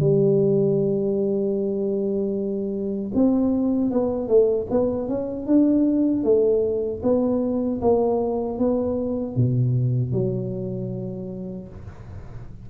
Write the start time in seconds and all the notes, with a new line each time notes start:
0.00 G3
3.15 C4
3.91 B3
4.28 A3
4.70 B3
5.09 C#4
5.47 D4
6.24 A3
7.03 B3
7.81 A#3
8.59 B3
9.36 B2
10.13 F#3